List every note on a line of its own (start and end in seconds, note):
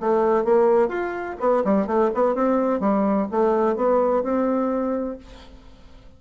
0.00 0.44 A3
0.44 0.88 A#3
0.88 1.36 F4
1.40 1.64 B3
1.64 1.87 G3
1.87 2.10 A3
2.14 2.35 B3
2.35 2.80 C4
2.80 3.27 G3
3.31 3.76 A3
3.76 4.23 B3
4.23 5.18 C4